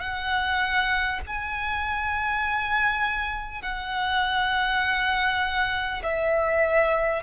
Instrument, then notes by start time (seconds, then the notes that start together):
violin
0.00 F#5
1.26 G#5
3.62 F#5
6.03 E5